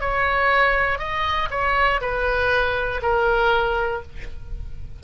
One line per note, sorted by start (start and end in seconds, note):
0.00 0.98 C#5
0.98 1.48 D#5
1.50 2.00 C#5
2.01 3.01 B4
3.02 4.02 A#4